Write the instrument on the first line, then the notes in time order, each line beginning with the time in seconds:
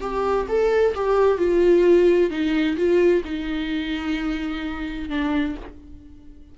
viola
0.00 G4
0.48 A4
0.94 G4
1.37 F4
2.30 D#4
2.76 F4
3.24 D#4
5.09 D4